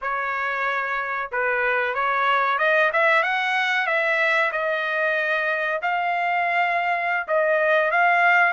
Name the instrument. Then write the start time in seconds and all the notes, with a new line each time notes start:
trumpet
0.01 C#5
1.31 B4
1.94 C#5
2.58 D#5
2.92 E5
3.23 F#5
3.86 E5
4.52 D#5
5.82 F5
7.27 D#5
7.91 F5